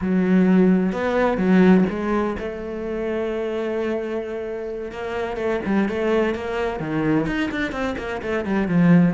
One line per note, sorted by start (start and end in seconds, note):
0.01 0.92 F#3
0.92 1.37 B3
1.37 1.84 F#3
1.89 2.36 G#3
2.39 4.91 A3
4.91 5.37 A#3
5.37 5.60 A3
5.65 5.88 G3
5.88 6.34 A3
6.34 6.79 A#3
6.79 7.26 D#3
7.26 7.50 D#4
7.51 7.72 D4
7.72 7.95 C4
7.98 8.21 A#3
8.22 8.45 A3
8.45 8.68 G3
8.68 9.14 F3